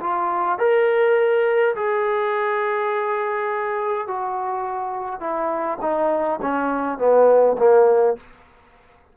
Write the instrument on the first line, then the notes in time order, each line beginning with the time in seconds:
trombone
0.00 F4
0.59 A#4
1.75 G#4
4.08 F#4
5.20 E4
5.81 D#4
6.42 C#4
6.98 B3
7.58 A#3